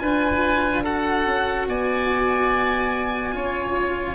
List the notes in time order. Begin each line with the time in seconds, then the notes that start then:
0.00 D4 F4 B4 G#5
0.84 F#4 A4 F#5
1.26 C#4
1.67 B3 D5 G#5
3.33 C#4 F4 C#5